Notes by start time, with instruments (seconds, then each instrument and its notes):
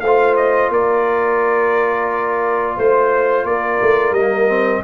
0.00 tuba A3, horn C5, trumpet F5
0.06 trombone F4
0.36 trumpet D#5
0.69 tuba A#3, horn A#4, trumpet D5
2.76 tuba A3, horn C5, trumpet C5
3.44 tuba A#3, horn A#4, trumpet D5
3.81 tuba A3
4.11 tuba G3, trumpet D#5
4.17 trombone A#3
4.48 trombone C4